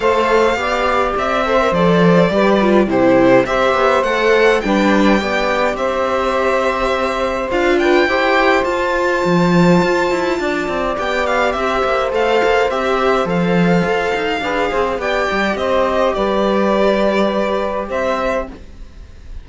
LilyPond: <<
  \new Staff \with { instrumentName = "violin" } { \time 4/4 \tempo 4 = 104 f''2 e''4 d''4~ | d''4 c''4 e''4 fis''4 | g''2 e''2~ | e''4 f''8 g''4. a''4~ |
a''2. g''8 f''8 | e''4 f''4 e''4 f''4~ | f''2 g''4 dis''4 | d''2. e''4 | }
  \new Staff \with { instrumentName = "saxophone" } { \time 4/4 c''4 d''4. c''4. | b'4 g'4 c''2 | b'4 d''4 c''2~ | c''4. b'8 c''2~ |
c''2 d''2 | c''1~ | c''4 b'8 c''8 d''4 c''4 | b'2. c''4 | }
  \new Staff \with { instrumentName = "viola" } { \time 4/4 a'4 g'4. a'16 ais'16 a'4 | g'8 f'8 e'4 g'4 a'4 | d'4 g'2.~ | g'4 f'4 g'4 f'4~ |
f'2. g'4~ | g'4 a'4 g'4 a'4~ | a'4 gis'4 g'2~ | g'1 | }
  \new Staff \with { instrumentName = "cello" } { \time 4/4 a4 b4 c'4 f4 | g4 c4 c'8 b8 a4 | g4 b4 c'2~ | c'4 d'4 e'4 f'4 |
f4 f'8 e'8 d'8 c'8 b4 | c'8 ais8 a8 ais8 c'4 f4 | f'8 dis'8 d'8 c'8 b8 g8 c'4 | g2. c'4 | }
>>